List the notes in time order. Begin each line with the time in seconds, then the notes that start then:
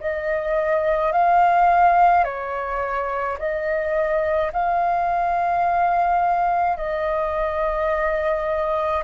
0.00 D#5
1.12 F5
2.24 C#5
3.38 D#5
4.52 F5
6.77 D#5